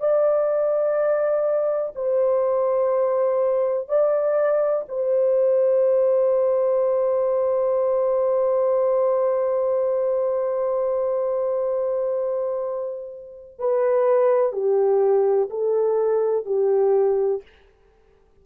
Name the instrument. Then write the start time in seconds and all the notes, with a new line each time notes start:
horn
0.00 D5
1.96 C5
3.89 D5
4.89 C5
13.59 B4
14.53 G4
15.51 A4
16.46 G4